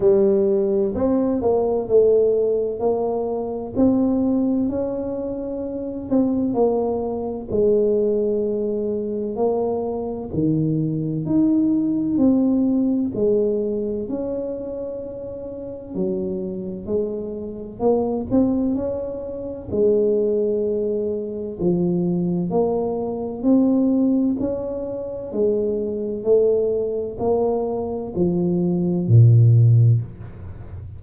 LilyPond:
\new Staff \with { instrumentName = "tuba" } { \time 4/4 \tempo 4 = 64 g4 c'8 ais8 a4 ais4 | c'4 cis'4. c'8 ais4 | gis2 ais4 dis4 | dis'4 c'4 gis4 cis'4~ |
cis'4 fis4 gis4 ais8 c'8 | cis'4 gis2 f4 | ais4 c'4 cis'4 gis4 | a4 ais4 f4 ais,4 | }